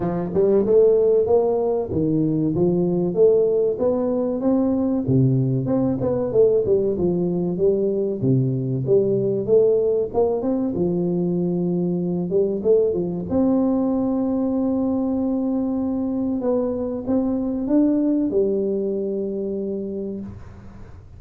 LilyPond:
\new Staff \with { instrumentName = "tuba" } { \time 4/4 \tempo 4 = 95 f8 g8 a4 ais4 dis4 | f4 a4 b4 c'4 | c4 c'8 b8 a8 g8 f4 | g4 c4 g4 a4 |
ais8 c'8 f2~ f8 g8 | a8 f8 c'2.~ | c'2 b4 c'4 | d'4 g2. | }